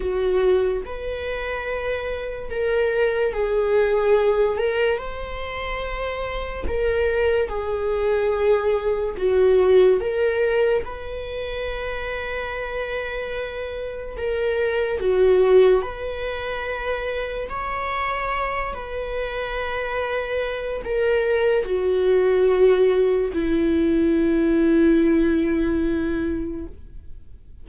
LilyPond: \new Staff \with { instrumentName = "viola" } { \time 4/4 \tempo 4 = 72 fis'4 b'2 ais'4 | gis'4. ais'8 c''2 | ais'4 gis'2 fis'4 | ais'4 b'2.~ |
b'4 ais'4 fis'4 b'4~ | b'4 cis''4. b'4.~ | b'4 ais'4 fis'2 | e'1 | }